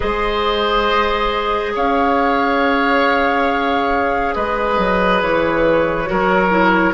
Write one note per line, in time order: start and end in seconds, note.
0.00 1.75 G#3
0.00 6.06 G#4
0.00 1.72 C5
0.00 1.74 D#5
1.75 4.36 C#4
1.75 4.35 C#5
1.75 4.34 F5
4.34 4.78 G#3
4.34 6.09 B4
4.34 5.21 D#5
4.78 5.21 F#3
5.21 6.08 E3
5.21 6.94 C#5
6.06 6.94 F#3
6.06 6.49 F#4
6.06 6.94 A#4
6.50 6.93 E4